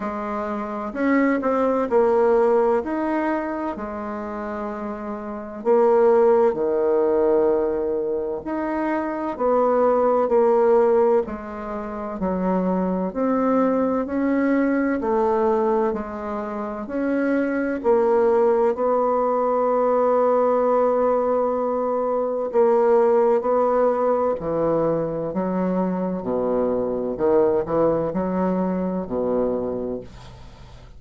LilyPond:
\new Staff \with { instrumentName = "bassoon" } { \time 4/4 \tempo 4 = 64 gis4 cis'8 c'8 ais4 dis'4 | gis2 ais4 dis4~ | dis4 dis'4 b4 ais4 | gis4 fis4 c'4 cis'4 |
a4 gis4 cis'4 ais4 | b1 | ais4 b4 e4 fis4 | b,4 dis8 e8 fis4 b,4 | }